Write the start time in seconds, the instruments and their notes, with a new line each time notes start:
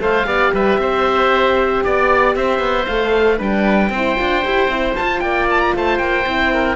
0.00 cello A3, horn A4, oboe C5 F5
0.25 cello B3, horn G4, oboe D5
0.54 cello G3, oboe B4 E5
0.78 cello C4, oboe C5
1.84 cello B3, oboe D5
2.35 cello C4, oboe C5 E5
2.59 cello B3
2.86 cello A3, horn A4, oboe F5
3.37 cello G3, horn D4, oboe B4 G5
3.90 cello C4, horn E4, oboe C5
4.17 cello D4, horn F4
4.44 cello E4, horn G4
4.68 cello C4, horn E4
4.96 horn F4, cello F4, oboe A5
5.20 cello A#3, oboe D5 G5
5.51 oboe A5
5.60 oboe A#5
5.76 cello A3, oboe C5 A5
5.98 cello A#3, oboe G5
6.26 cello C4, horn E4
6.54 oboe A#4